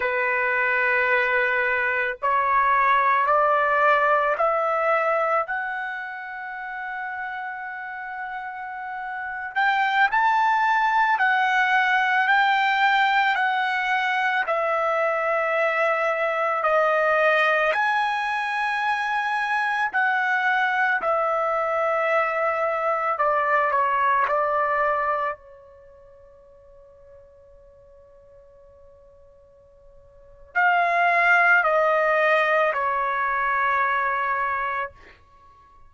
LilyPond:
\new Staff \with { instrumentName = "trumpet" } { \time 4/4 \tempo 4 = 55 b'2 cis''4 d''4 | e''4 fis''2.~ | fis''8. g''8 a''4 fis''4 g''8.~ | g''16 fis''4 e''2 dis''8.~ |
dis''16 gis''2 fis''4 e''8.~ | e''4~ e''16 d''8 cis''8 d''4 cis''8.~ | cis''1 | f''4 dis''4 cis''2 | }